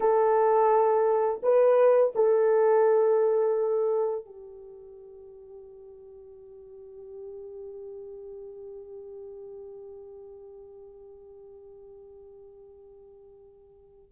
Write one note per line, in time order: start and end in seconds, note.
0.00 1.41 A4
1.42 2.13 B4
2.15 4.25 A4
4.25 14.12 G4